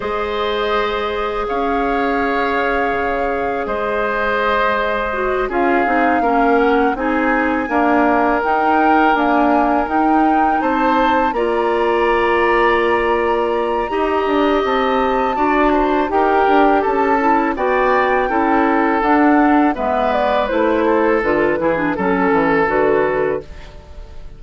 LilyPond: <<
  \new Staff \with { instrumentName = "flute" } { \time 4/4 \tempo 4 = 82 dis''2 f''2~ | f''4 dis''2~ dis''8 f''8~ | f''4 fis''8 gis''2 g''8~ | g''8 gis''4 g''4 a''4 ais''8~ |
ais''1 | a''2 g''4 a''4 | g''2 fis''4 e''8 d''8 | c''4 b'4 a'4 b'4 | }
  \new Staff \with { instrumentName = "oboe" } { \time 4/4 c''2 cis''2~ | cis''4 c''2~ c''8 gis'8~ | gis'8 ais'4 gis'4 ais'4.~ | ais'2~ ais'8 c''4 d''8~ |
d''2. dis''4~ | dis''4 d''8 c''8 ais'4 a'4 | d''4 a'2 b'4~ | b'8 a'4 gis'8 a'2 | }
  \new Staff \with { instrumentName = "clarinet" } { \time 4/4 gis'1~ | gis'2. fis'8 f'8 | dis'8 cis'4 dis'4 ais4 dis'8~ | dis'8 ais4 dis'2 f'8~ |
f'2. g'4~ | g'4 fis'4 g'4. e'8 | fis'4 e'4 d'4 b4 | e'4 f'8 e'16 d'16 cis'4 fis'4 | }
  \new Staff \with { instrumentName = "bassoon" } { \time 4/4 gis2 cis'2 | cis4 gis2~ gis8 cis'8 | c'8 ais4 c'4 d'4 dis'8~ | dis'8 d'4 dis'4 c'4 ais8~ |
ais2. dis'8 d'8 | c'4 d'4 dis'8 d'8 cis'4 | b4 cis'4 d'4 gis4 | a4 d8 e8 fis8 e8 d4 | }
>>